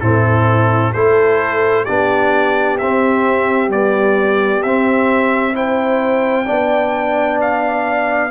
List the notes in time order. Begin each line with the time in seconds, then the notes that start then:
0.00 A2 C4 E4 A4
0.93 A3 E4 A4 C5
1.84 B3 D4 G4 D5
2.78 C4 E5
3.67 G3 B3 D5
4.62 C4 E5
5.53 E4 C5 G5
6.45 B3 D4 D5
7.41 F5